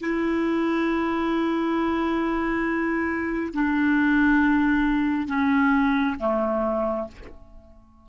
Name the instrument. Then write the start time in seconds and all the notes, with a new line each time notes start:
clarinet
0.00 E4
3.53 D4
5.27 C#4
6.19 A3